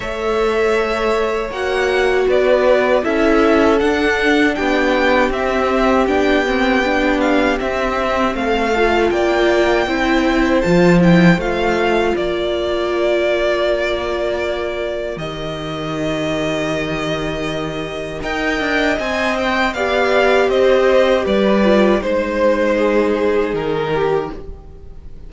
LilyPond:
<<
  \new Staff \with { instrumentName = "violin" } { \time 4/4 \tempo 4 = 79 e''2 fis''4 d''4 | e''4 fis''4 g''4 e''4 | g''4. f''8 e''4 f''4 | g''2 a''8 g''8 f''4 |
d''1 | dis''1 | g''4 gis''8 g''8 f''4 dis''4 | d''4 c''2 ais'4 | }
  \new Staff \with { instrumentName = "violin" } { \time 4/4 cis''2. b'4 | a'2 g'2~ | g'2. a'4 | d''4 c''2. |
ais'1~ | ais'1 | dis''2 d''4 c''4 | b'4 c''4 gis'4. g'8 | }
  \new Staff \with { instrumentName = "viola" } { \time 4/4 a'2 fis'2 | e'4 d'2 c'4 | d'8 c'8 d'4 c'4. f'8~ | f'4 e'4 f'8 e'8 f'4~ |
f'1 | g'1 | ais'4 c''4 g'2~ | g'8 f'8 dis'2. | }
  \new Staff \with { instrumentName = "cello" } { \time 4/4 a2 ais4 b4 | cis'4 d'4 b4 c'4 | b2 c'4 a4 | ais4 c'4 f4 a4 |
ais1 | dis1 | dis'8 d'8 c'4 b4 c'4 | g4 gis2 dis4 | }
>>